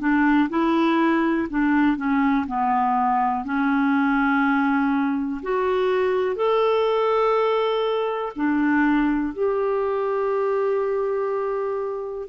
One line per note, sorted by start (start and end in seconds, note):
0.00 0.49 D4
0.49 1.48 E4
1.50 1.97 D4
1.97 2.46 C#4
2.47 3.45 B3
3.45 5.41 C#4
5.43 6.36 F#4
6.36 8.32 A4
8.36 9.34 D4
9.34 12.29 G4